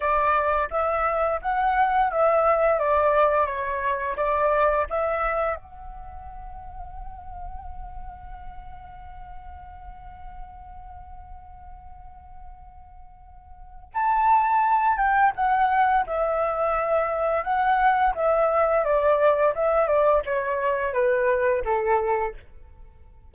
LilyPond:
\new Staff \with { instrumentName = "flute" } { \time 4/4 \tempo 4 = 86 d''4 e''4 fis''4 e''4 | d''4 cis''4 d''4 e''4 | fis''1~ | fis''1~ |
fis''1 | a''4. g''8 fis''4 e''4~ | e''4 fis''4 e''4 d''4 | e''8 d''8 cis''4 b'4 a'4 | }